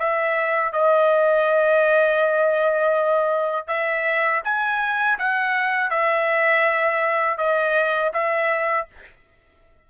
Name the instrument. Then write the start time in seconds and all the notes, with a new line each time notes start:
trumpet
0.00 E5
0.73 D#5
3.68 E5
4.44 G#5
5.19 F#5
5.91 E5
7.38 D#5
8.14 E5